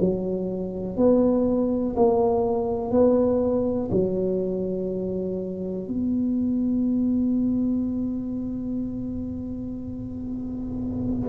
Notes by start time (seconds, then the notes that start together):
0.00 F#3
0.97 B3
1.96 A#3
2.91 B3
3.91 F#3
5.87 B3